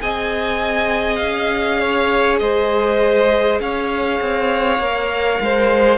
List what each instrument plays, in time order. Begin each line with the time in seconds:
0.00 cello C4, viola G#4, violin D#5 G#5
1.16 cello C#4, violin F5
1.80 violin C#5
2.39 cello G#3, violin C5 D#5
3.60 cello C#4, violin C#5 F5
4.21 cello C4
4.79 cello A#3, viola A#4
5.40 cello G#3, violin C5